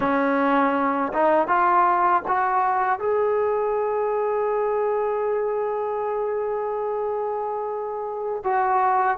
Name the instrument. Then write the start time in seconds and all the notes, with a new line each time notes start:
trombone
0.00 C#4
1.12 D#4
1.47 F4
2.27 F#4
2.99 G#4
8.44 F#4